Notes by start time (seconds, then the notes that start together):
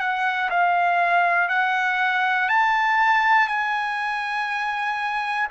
0.00 F#5
0.51 F5
1.49 F#5
2.49 A5
3.48 G#5